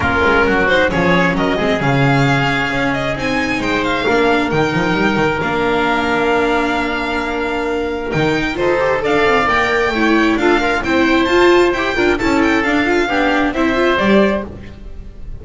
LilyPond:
<<
  \new Staff \with { instrumentName = "violin" } { \time 4/4 \tempo 4 = 133 ais'4. c''8 cis''4 dis''4 | f''2~ f''8 dis''8 gis''4 | g''8 f''4. g''2 | f''1~ |
f''2 g''4 c''4 | f''4 g''2 f''4 | g''4 a''4 g''4 a''8 g''8 | f''2 e''4 d''4 | }
  \new Staff \with { instrumentName = "oboe" } { \time 4/4 f'4 fis'4 gis'4 ais'8 gis'8~ | gis'1 | c''4 ais'2.~ | ais'1~ |
ais'2. a'4 | d''2 cis''4 a'8 f'8 | c''2~ c''8 ais'8 a'4~ | a'4 g'4 c''2 | }
  \new Staff \with { instrumentName = "viola" } { \time 4/4 cis'4. dis'8 cis'4. c'8 | cis'2. dis'4~ | dis'4 d'4 dis'2 | d'1~ |
d'2 dis'4 f'8 g'8 | a'4 ais'4 e'4 f'8 ais'8 | e'4 f'4 g'8 f'8 e'4 | d'8 f'8 d'4 e'8 f'8 g'4 | }
  \new Staff \with { instrumentName = "double bass" } { \time 4/4 ais8 gis8 fis4 f4 fis8 gis8 | cis2 cis'4 c'4 | gis4 ais4 dis8 f8 g8 dis8 | ais1~ |
ais2 dis4 dis'4 | d'8 c'8 ais4 a4 d'4 | c'4 f'4 e'8 d'8 cis'4 | d'4 b4 c'4 g4 | }
>>